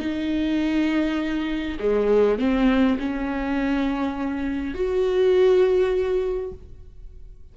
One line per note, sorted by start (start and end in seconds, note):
0.00 1.78 D#4
1.80 2.39 G#3
2.39 2.98 C4
2.99 4.75 C#4
4.75 6.53 F#4